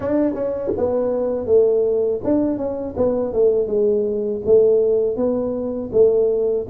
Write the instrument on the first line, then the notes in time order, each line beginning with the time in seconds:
tuba
0.00 D4
0.34 C#4
0.77 B3
1.46 A3
2.24 D4
2.57 C#4
2.96 B3
3.33 A3
3.67 G#3
4.45 A3
5.16 B3
5.92 A3